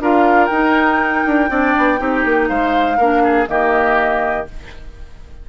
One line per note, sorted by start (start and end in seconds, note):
0.00 0.50 D4
0.00 0.51 F4
0.00 1.51 A#4
0.00 0.46 F5
0.46 1.24 D#4
0.46 1.49 D#4
0.46 2.45 G5
1.26 1.50 D4
1.49 1.75 C4
1.49 1.98 D4
1.49 2.00 D5
1.77 2.00 B3
1.98 2.25 C4
1.98 2.97 D#4
1.98 2.49 G4
2.25 2.50 A#3
2.48 2.98 G#3
2.48 2.98 C5
2.48 3.47 F5
2.98 3.48 A#3
2.98 3.47 D4
2.98 3.22 A#4
3.24 3.48 G#4
3.47 4.47 D#3
3.47 4.46 A#3
3.47 4.49 G4
3.47 4.47 D#5